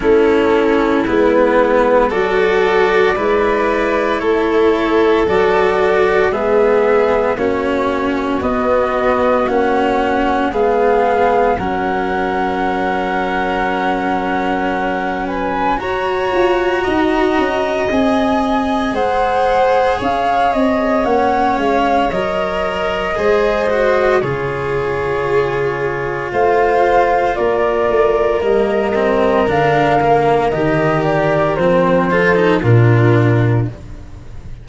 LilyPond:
<<
  \new Staff \with { instrumentName = "flute" } { \time 4/4 \tempo 4 = 57 a'4 b'4 d''2 | cis''4 d''4 e''4 cis''4 | dis''4 fis''4 f''4 fis''4~ | fis''2~ fis''8 gis''8 ais''4~ |
ais''4 gis''4 fis''4 f''8 dis''8 | fis''8 f''8 dis''2 cis''4~ | cis''4 f''4 d''4 dis''4 | f''4 dis''8 d''8 c''4 ais'4 | }
  \new Staff \with { instrumentName = "violin" } { \time 4/4 e'2 a'4 b'4 | a'2 gis'4 fis'4~ | fis'2 gis'4 ais'4~ | ais'2~ ais'8 b'8 cis''4 |
dis''2 c''4 cis''4~ | cis''2 c''4 gis'4~ | gis'4 c''4 ais'2~ | ais'2~ ais'8 a'8 f'4 | }
  \new Staff \with { instrumentName = "cello" } { \time 4/4 cis'4 b4 fis'4 e'4~ | e'4 fis'4 b4 cis'4 | b4 cis'4 b4 cis'4~ | cis'2. fis'4~ |
fis'4 gis'2. | cis'4 ais'4 gis'8 fis'8 f'4~ | f'2. ais8 c'8 | d'8 ais8 g'4 c'8 f'16 dis'16 d'4 | }
  \new Staff \with { instrumentName = "tuba" } { \time 4/4 a4 gis4 fis4 gis4 | a4 fis4 gis4 ais4 | b4 ais4 gis4 fis4~ | fis2. fis'8 f'8 |
dis'8 cis'8 c'4 gis4 cis'8 c'8 | ais8 gis8 fis4 gis4 cis4~ | cis4 a4 ais8 a8 g4 | d4 dis4 f4 ais,4 | }
>>